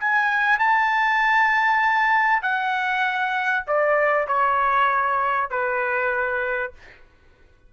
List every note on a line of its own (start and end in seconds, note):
0.00 0.60 G#5
0.60 2.43 A5
2.43 3.65 F#5
3.67 4.28 D5
4.28 5.50 C#5
5.50 6.73 B4